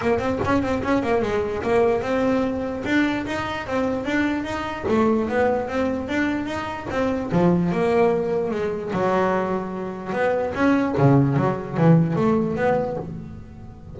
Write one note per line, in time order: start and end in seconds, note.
0.01 0.18 A#3
0.18 0.39 C4
0.45 0.62 C#4
0.62 0.82 C4
0.82 1.02 C#4
1.02 1.22 A#3
1.22 1.62 G#3
1.63 2.02 A#3
2.02 2.83 C4
2.85 3.25 D4
3.26 3.66 D#4
3.66 4.05 C4
4.05 4.44 D4
4.44 4.84 D#4
4.88 5.28 A3
5.28 5.68 B3
5.68 6.08 C4
6.08 6.46 D4
6.46 6.86 D#4
6.90 7.30 C4
7.31 7.71 F3
7.71 8.51 A#3
8.51 8.91 G#3
8.92 10.12 F#3
10.12 10.53 B3
10.54 10.94 C#4
10.97 11.36 C#3
11.36 11.77 F#3
11.77 12.16 E3
12.16 12.56 A3
12.56 12.96 B3